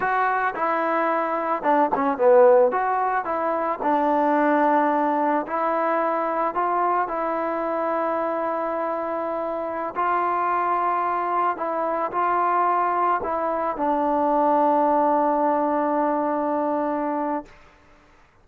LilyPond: \new Staff \with { instrumentName = "trombone" } { \time 4/4 \tempo 4 = 110 fis'4 e'2 d'8 cis'8 | b4 fis'4 e'4 d'4~ | d'2 e'2 | f'4 e'2.~ |
e'2~ e'16 f'4.~ f'16~ | f'4~ f'16 e'4 f'4.~ f'16~ | f'16 e'4 d'2~ d'8.~ | d'1 | }